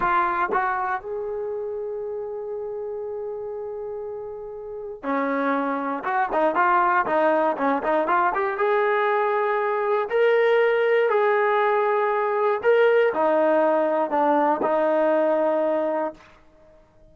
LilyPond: \new Staff \with { instrumentName = "trombone" } { \time 4/4 \tempo 4 = 119 f'4 fis'4 gis'2~ | gis'1~ | gis'2 cis'2 | fis'8 dis'8 f'4 dis'4 cis'8 dis'8 |
f'8 g'8 gis'2. | ais'2 gis'2~ | gis'4 ais'4 dis'2 | d'4 dis'2. | }